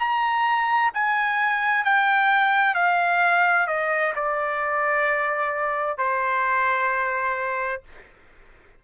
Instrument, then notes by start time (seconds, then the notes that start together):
trumpet
0.00 A#5
0.94 G#5
1.85 G5
2.75 F5
3.68 D#5
4.16 D5
5.98 C5